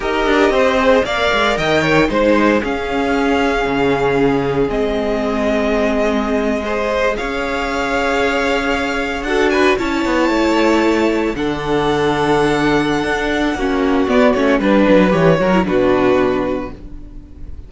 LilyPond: <<
  \new Staff \with { instrumentName = "violin" } { \time 4/4 \tempo 4 = 115 dis''2 f''4 g''4 | c''4 f''2.~ | f''4 dis''2.~ | dis''4.~ dis''16 f''2~ f''16~ |
f''4.~ f''16 fis''8 gis''8 a''4~ a''16~ | a''4.~ a''16 fis''2~ fis''16~ | fis''2. d''8 cis''8 | b'4 cis''4 b'2 | }
  \new Staff \with { instrumentName = "violin" } { \time 4/4 ais'4 c''4 d''4 dis''8 cis''8 | c''4 gis'2.~ | gis'1~ | gis'8. c''4 cis''2~ cis''16~ |
cis''4.~ cis''16 a'8 b'8 cis''4~ cis''16~ | cis''4.~ cis''16 a'2~ a'16~ | a'2 fis'2 | b'4. ais'8 fis'2 | }
  \new Staff \with { instrumentName = "viola" } { \time 4/4 g'4. gis'8 ais'2 | dis'4 cis'2.~ | cis'4 c'2.~ | c'8. gis'2.~ gis'16~ |
gis'4.~ gis'16 fis'4 e'4~ e'16~ | e'4.~ e'16 d'2~ d'16~ | d'2 cis'4 b8 cis'8 | d'4 g'8 fis'16 e'16 d'2 | }
  \new Staff \with { instrumentName = "cello" } { \time 4/4 dis'8 d'8 c'4 ais8 gis8 dis4 | gis4 cis'2 cis4~ | cis4 gis2.~ | gis4.~ gis16 cis'2~ cis'16~ |
cis'4.~ cis'16 d'4 cis'8 b8 a16~ | a4.~ a16 d2~ d16~ | d4 d'4 ais4 b8 a8 | g8 fis8 e8 fis8 b,2 | }
>>